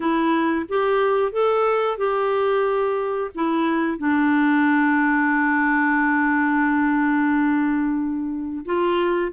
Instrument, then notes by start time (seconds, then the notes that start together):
clarinet
0.00 E4
0.68 G4
1.32 A4
1.97 G4
3.35 E4
3.98 D4
8.65 F4